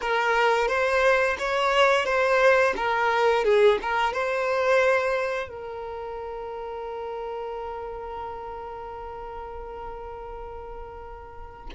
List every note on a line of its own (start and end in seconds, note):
0.01 0.67 A#4
0.67 1.36 C5
1.38 2.05 C#5
2.05 2.74 C5
2.76 3.44 A#4
3.44 3.79 G#4
3.82 4.13 A#4
4.13 5.49 C5
5.49 11.69 A#4